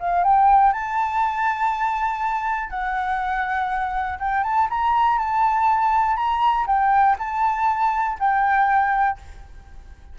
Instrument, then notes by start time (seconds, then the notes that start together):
flute
0.00 F5
0.24 G5
0.73 A5
2.70 F#5
4.19 G5
4.44 A5
4.70 A#5
5.18 A5
6.17 A#5
6.67 G5
7.19 A5
8.20 G5